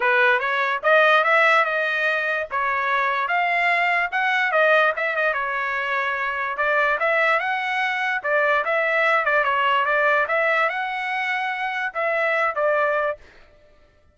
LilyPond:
\new Staff \with { instrumentName = "trumpet" } { \time 4/4 \tempo 4 = 146 b'4 cis''4 dis''4 e''4 | dis''2 cis''2 | f''2 fis''4 dis''4 | e''8 dis''8 cis''2. |
d''4 e''4 fis''2 | d''4 e''4. d''8 cis''4 | d''4 e''4 fis''2~ | fis''4 e''4. d''4. | }